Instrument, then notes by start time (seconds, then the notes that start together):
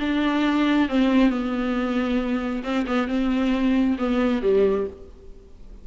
viola
0.00 D4
0.89 C4
1.30 B3
2.64 C4
2.87 B3
3.08 C4
3.99 B3
4.42 G3